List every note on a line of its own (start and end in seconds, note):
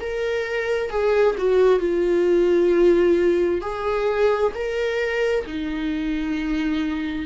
0.00 0.90 A#4
0.90 1.35 G#4
1.38 1.79 F#4
1.79 3.61 F4
3.61 4.52 G#4
4.54 5.45 A#4
5.46 7.25 D#4